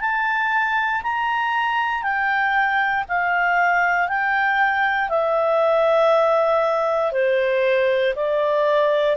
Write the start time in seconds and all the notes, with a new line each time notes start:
0.00 A5
1.02 A#5
2.02 G5
3.08 F5
4.08 G5
5.09 E5
7.12 C5
8.15 D5